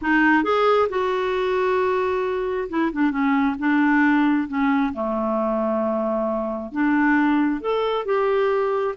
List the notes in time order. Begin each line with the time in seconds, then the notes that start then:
0.01 D#4
0.43 G#4
0.89 F#4
2.69 E4
2.92 D4
3.10 C#4
3.58 D4
4.48 C#4
4.93 A3
6.71 D4
7.60 A4
8.05 G4